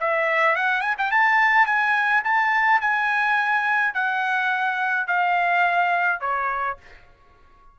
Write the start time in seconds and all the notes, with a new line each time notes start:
0.00 E5
0.56 F#5
0.81 G#5
0.98 G5
1.11 A5
1.66 G#5
2.24 A5
2.81 G#5
3.94 F#5
5.07 F5
6.21 C#5